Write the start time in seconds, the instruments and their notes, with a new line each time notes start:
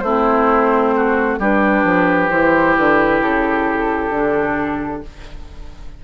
0.00 bassoon A3, clarinet C4, oboe E4, flute C5
0.97 oboe F#4
1.39 bassoon G3, clarinet D4, oboe G4, flute B4
1.84 bassoon F3
2.30 bassoon E3, clarinet E4, flute C5
2.77 bassoon D3, flute B4
3.21 bassoon C#3, flute A4
4.10 bassoon D3, clarinet D4